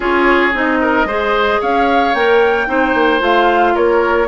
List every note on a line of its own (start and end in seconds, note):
0.00 0.53 C#4
0.00 0.52 F4
0.00 0.78 G#4
0.00 0.55 C#5
0.53 1.04 C4
0.53 1.07 D#4
0.53 1.62 D#5
0.81 1.07 A#4
1.04 1.58 G#3
1.04 2.15 G#4
1.04 1.60 C5
1.60 2.14 C#4
1.60 2.68 C#5
1.60 2.14 F5
2.14 2.67 A#3
2.14 2.67 A#4
2.14 3.21 G5
2.67 2.94 C4
2.67 3.19 D#4
2.67 3.74 C5
2.94 3.20 A#3
3.19 3.74 A3
3.19 4.26 F4
3.19 3.75 F5
3.74 4.27 A#3
3.74 4.27 A#4
3.74 4.27 C#5